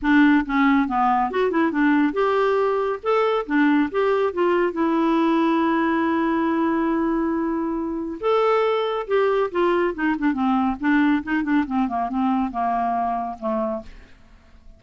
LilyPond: \new Staff \with { instrumentName = "clarinet" } { \time 4/4 \tempo 4 = 139 d'4 cis'4 b4 fis'8 e'8 | d'4 g'2 a'4 | d'4 g'4 f'4 e'4~ | e'1~ |
e'2. a'4~ | a'4 g'4 f'4 dis'8 d'8 | c'4 d'4 dis'8 d'8 c'8 ais8 | c'4 ais2 a4 | }